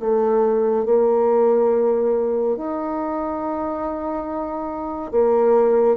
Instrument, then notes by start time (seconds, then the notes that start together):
bassoon
0.00 A3
0.86 A#3
2.57 D#4
5.12 A#3